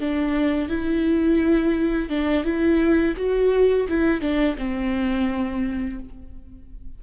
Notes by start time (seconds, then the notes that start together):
0.00 D4
0.68 E4
2.09 D4
2.44 E4
3.17 F#4
3.88 E4
4.21 D4
4.58 C4